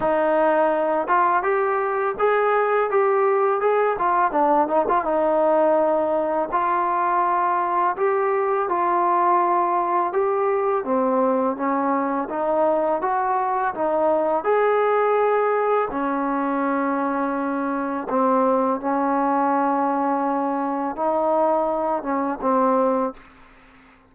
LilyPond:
\new Staff \with { instrumentName = "trombone" } { \time 4/4 \tempo 4 = 83 dis'4. f'8 g'4 gis'4 | g'4 gis'8 f'8 d'8 dis'16 f'16 dis'4~ | dis'4 f'2 g'4 | f'2 g'4 c'4 |
cis'4 dis'4 fis'4 dis'4 | gis'2 cis'2~ | cis'4 c'4 cis'2~ | cis'4 dis'4. cis'8 c'4 | }